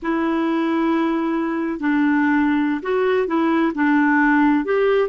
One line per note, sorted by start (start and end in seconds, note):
0.02 1.79 E4
1.79 2.81 D4
2.82 3.27 F#4
3.27 3.72 E4
3.74 4.64 D4
4.64 5.09 G4